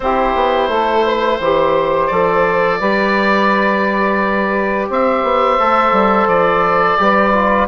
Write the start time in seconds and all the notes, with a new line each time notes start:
0.00 C4 E4 G4 C5
0.34 B3
0.68 A3 A4
1.04 B4
1.39 E3 G4 C5
2.07 F3 A4 D5
2.79 G3 G4 B4
4.89 C4 C5 E5
5.23 B3
5.59 A3 A4
5.92 G3
6.27 F3 D5
6.98 G3 G4 B4
7.33 F4